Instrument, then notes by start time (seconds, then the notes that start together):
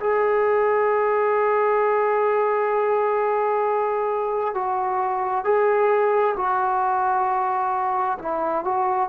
trombone
0.00 G#4
4.55 F#4
5.45 G#4
6.36 F#4
8.19 E4
8.64 F#4